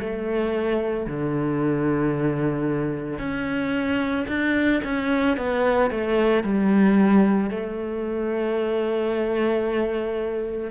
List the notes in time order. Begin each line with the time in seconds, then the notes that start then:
0.00 A3
1.07 D3
3.19 C#4
4.28 D4
4.84 C#4
5.37 B3
5.91 A3
6.43 G3
7.50 A3